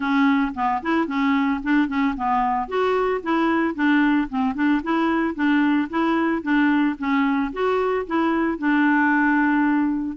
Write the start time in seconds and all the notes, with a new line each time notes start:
0.00 C#4
0.54 B3
0.82 E4
1.07 C#4
1.63 D4
1.87 C#4
2.16 B3
2.67 F#4
3.22 E4
3.74 D4
4.29 C4
4.55 D4
4.83 E4
5.34 D4
5.89 E4
6.42 D4
6.98 C#4
7.52 F#4
8.06 E4
8.58 D4